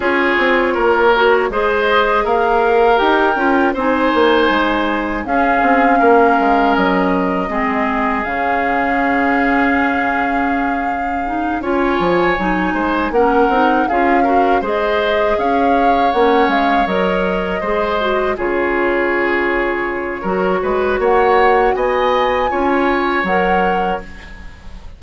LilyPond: <<
  \new Staff \with { instrumentName = "flute" } { \time 4/4 \tempo 4 = 80 cis''2 dis''4 f''4 | g''4 gis''2 f''4~ | f''4 dis''2 f''4~ | f''2.~ f''8 gis''8~ |
gis''4. fis''4 f''4 dis''8~ | dis''8 f''4 fis''8 f''8 dis''4.~ | dis''8 cis''2.~ cis''8 | fis''4 gis''2 fis''4 | }
  \new Staff \with { instrumentName = "oboe" } { \time 4/4 gis'4 ais'4 c''4 ais'4~ | ais'4 c''2 gis'4 | ais'2 gis'2~ | gis'2.~ gis'8 cis''8~ |
cis''4 c''8 ais'4 gis'8 ais'8 c''8~ | c''8 cis''2. c''8~ | c''8 gis'2~ gis'8 ais'8 b'8 | cis''4 dis''4 cis''2 | }
  \new Staff \with { instrumentName = "clarinet" } { \time 4/4 f'4. fis'8 gis'2 | g'8 f'8 dis'2 cis'4~ | cis'2 c'4 cis'4~ | cis'2. dis'8 f'8~ |
f'8 dis'4 cis'8 dis'8 f'8 fis'8 gis'8~ | gis'4. cis'4 ais'4 gis'8 | fis'8 f'2~ f'8 fis'4~ | fis'2 f'4 ais'4 | }
  \new Staff \with { instrumentName = "bassoon" } { \time 4/4 cis'8 c'8 ais4 gis4 ais4 | dis'8 cis'8 c'8 ais8 gis4 cis'8 c'8 | ais8 gis8 fis4 gis4 cis4~ | cis2.~ cis8 cis'8 |
f8 fis8 gis8 ais8 c'8 cis'4 gis8~ | gis8 cis'4 ais8 gis8 fis4 gis8~ | gis8 cis2~ cis8 fis8 gis8 | ais4 b4 cis'4 fis4 | }
>>